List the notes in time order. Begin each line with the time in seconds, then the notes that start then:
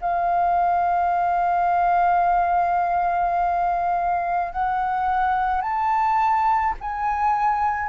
0.00 F5
4.52 F#5
5.61 A5
6.80 G#5